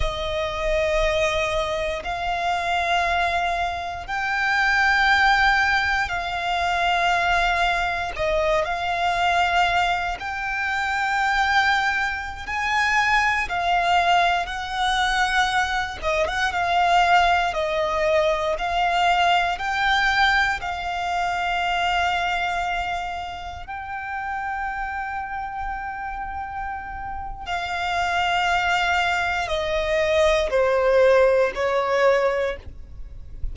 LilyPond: \new Staff \with { instrumentName = "violin" } { \time 4/4 \tempo 4 = 59 dis''2 f''2 | g''2 f''2 | dis''8 f''4. g''2~ | g''16 gis''4 f''4 fis''4. dis''16 |
fis''16 f''4 dis''4 f''4 g''8.~ | g''16 f''2. g''8.~ | g''2. f''4~ | f''4 dis''4 c''4 cis''4 | }